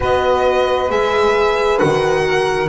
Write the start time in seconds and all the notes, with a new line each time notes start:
0.00 B3 F#4 B4 D#5
0.89 G#3 G#4 E5
1.78 D#3 F#4 F#5
2.25 A#4